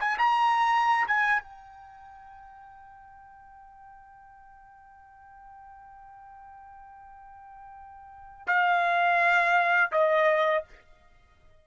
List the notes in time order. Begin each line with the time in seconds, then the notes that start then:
0.00 G#5
0.18 A#5
1.07 G#5
1.43 G5
8.47 F5
9.92 D#5